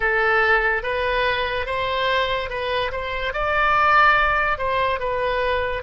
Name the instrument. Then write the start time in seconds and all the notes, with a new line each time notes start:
oboe
0.00 A4
0.82 B4
1.66 C5
2.49 B4
2.91 C5
3.33 D5
4.58 C5
4.99 B4